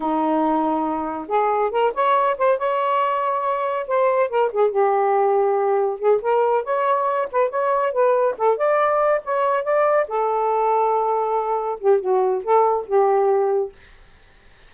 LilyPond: \new Staff \with { instrumentName = "saxophone" } { \time 4/4 \tempo 4 = 140 dis'2. gis'4 | ais'8 cis''4 c''8 cis''2~ | cis''4 c''4 ais'8 gis'8 g'4~ | g'2 gis'8 ais'4 cis''8~ |
cis''4 b'8 cis''4 b'4 a'8 | d''4. cis''4 d''4 a'8~ | a'2.~ a'8 g'8 | fis'4 a'4 g'2 | }